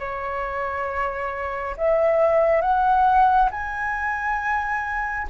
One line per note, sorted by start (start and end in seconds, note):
0.00 1.76 C#5
1.77 2.61 E5
2.61 3.50 F#5
3.51 5.28 G#5